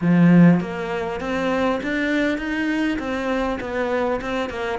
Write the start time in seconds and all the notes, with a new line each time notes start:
0.01 F3
0.60 A#3
1.20 C4
1.82 D4
2.38 D#4
2.98 C4
3.60 B3
4.21 C4
4.49 A#3